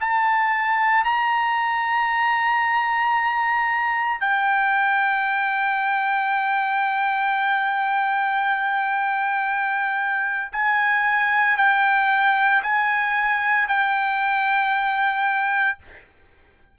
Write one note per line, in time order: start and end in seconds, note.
0.00 1.04 A5
1.04 4.20 A#5
4.20 10.52 G5
10.52 11.57 G#5
11.57 12.62 G5
12.63 13.68 G#5
13.68 15.78 G5